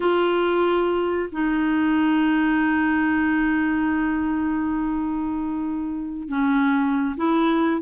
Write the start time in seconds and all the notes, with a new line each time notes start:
0.00 F4
1.32 D#4
6.28 C#4
7.16 E4